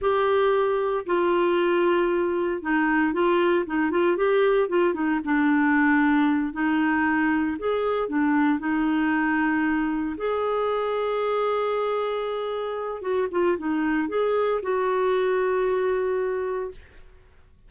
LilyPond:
\new Staff \with { instrumentName = "clarinet" } { \time 4/4 \tempo 4 = 115 g'2 f'2~ | f'4 dis'4 f'4 dis'8 f'8 | g'4 f'8 dis'8 d'2~ | d'8 dis'2 gis'4 d'8~ |
d'8 dis'2. gis'8~ | gis'1~ | gis'4 fis'8 f'8 dis'4 gis'4 | fis'1 | }